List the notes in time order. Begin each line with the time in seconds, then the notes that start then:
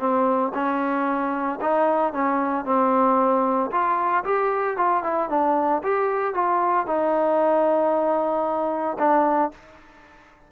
0.00 C4
0.55 C#4
1.61 D#4
2.13 C#4
2.66 C4
3.72 F4
4.25 G4
4.78 F4
5.04 E4
5.30 D4
5.83 G4
6.35 F4
6.87 D#4
8.99 D4